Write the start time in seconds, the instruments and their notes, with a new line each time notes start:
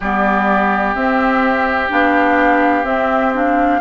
0.00 bassoon G3, clarinet B3, oboe G4, flute D5
0.94 bassoon C4, clarinet C4, flute E5
1.89 bassoon B3, clarinet D4, flute F5
2.84 clarinet C4, bassoon C4, flute E5
3.33 clarinet D4, flute F5